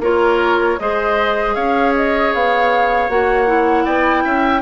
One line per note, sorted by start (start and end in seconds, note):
0.00 0.77 A#3
0.00 0.80 F4
0.00 0.80 A#4
0.00 0.80 C#5
0.80 1.56 G#3
0.80 3.10 G#4
0.80 1.56 C5
0.80 1.56 D#5
1.56 2.33 C#4
1.56 3.85 C#5
1.56 1.94 F5
1.95 2.34 D#5
2.34 3.09 B3
2.34 3.10 F5
3.09 3.86 A#3
3.09 3.47 F#4
3.09 3.86 F#5
3.47 4.62 E4
3.85 4.25 B3
3.85 4.24 D5
3.85 4.62 G5
4.25 4.62 C#4
4.25 4.62 E5